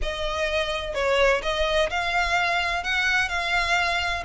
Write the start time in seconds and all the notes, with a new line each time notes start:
0.02 D#5
0.94 C#5
1.42 D#5
1.90 F5
2.83 F#5
3.29 F5